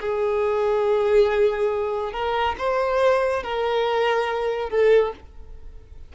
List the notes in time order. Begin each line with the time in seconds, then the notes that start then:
0.00 G#4
2.13 A#4
2.58 C5
3.43 A#4
4.70 A4